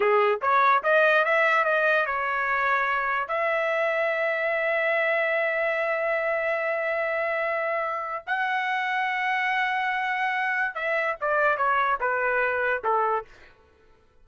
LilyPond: \new Staff \with { instrumentName = "trumpet" } { \time 4/4 \tempo 4 = 145 gis'4 cis''4 dis''4 e''4 | dis''4 cis''2. | e''1~ | e''1~ |
e''1 | fis''1~ | fis''2 e''4 d''4 | cis''4 b'2 a'4 | }